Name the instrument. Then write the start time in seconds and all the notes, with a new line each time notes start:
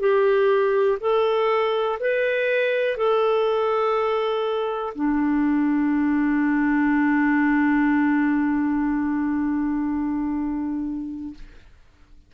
clarinet
0.00 G4
1.00 A4
2.00 B4
2.97 A4
4.95 D4